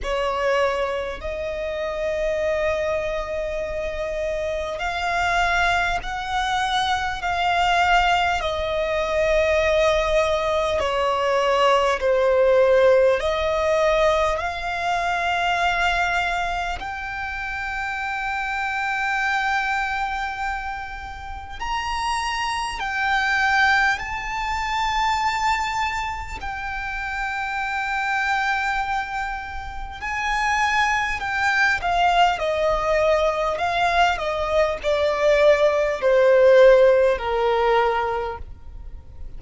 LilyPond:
\new Staff \with { instrumentName = "violin" } { \time 4/4 \tempo 4 = 50 cis''4 dis''2. | f''4 fis''4 f''4 dis''4~ | dis''4 cis''4 c''4 dis''4 | f''2 g''2~ |
g''2 ais''4 g''4 | a''2 g''2~ | g''4 gis''4 g''8 f''8 dis''4 | f''8 dis''8 d''4 c''4 ais'4 | }